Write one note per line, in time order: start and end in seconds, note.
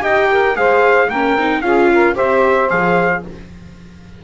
0.00 0.56 D#4
0.00 0.54 G4
0.00 0.30 D#5
0.00 0.56 G5
0.30 0.57 A#4
0.55 1.09 G#3
0.55 1.08 G#4
0.55 1.07 C5
0.55 1.09 F5
1.07 1.34 A#3
1.07 1.38 C#4
1.07 1.61 A#4
1.07 1.61 G5
1.34 1.61 C4
1.34 1.63 D#4
1.61 2.15 C#4
1.61 2.15 F4
1.61 1.91 G#4
1.61 2.15 F5
1.93 2.15 A#4
2.15 2.71 C4
2.15 2.68 G4
2.15 3.23 C5
2.15 2.70 E5
2.69 3.24 F3
2.69 3.22 G#4
2.69 3.23 F5